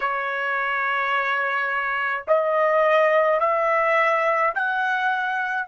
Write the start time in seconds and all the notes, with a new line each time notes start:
0.00 C#5
2.27 D#5
3.40 E5
4.54 F#5